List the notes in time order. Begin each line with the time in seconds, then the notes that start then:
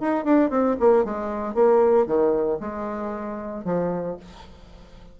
0.00 D#4
0.24 D4
0.50 C4
0.79 A#3
1.04 G#3
1.54 A#3
2.06 D#3
2.60 G#3
3.64 F3